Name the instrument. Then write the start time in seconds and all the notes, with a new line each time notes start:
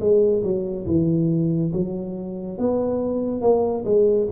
tuba
0.00 G#3
0.43 F#3
0.86 E3
1.73 F#3
2.58 B3
3.41 A#3
3.85 G#3